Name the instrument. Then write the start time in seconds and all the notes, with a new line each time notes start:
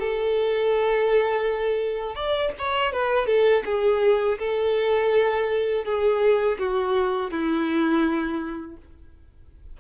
violin
0.00 A4
2.16 D5
2.59 C#5
2.93 B4
3.27 A4
3.66 G#4
4.39 A4
5.85 G#4
6.59 F#4
7.31 E4